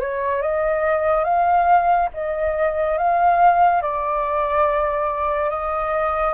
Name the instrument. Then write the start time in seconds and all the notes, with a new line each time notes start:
flute
0.00 C#5
0.42 D#5
1.24 F5
2.14 D#5
2.98 F5
3.82 D5
5.50 D#5